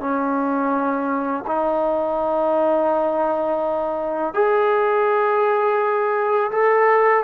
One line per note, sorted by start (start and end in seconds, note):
0.00 1.45 C#4
1.47 4.34 D#4
4.34 6.51 G#4
6.52 7.24 A4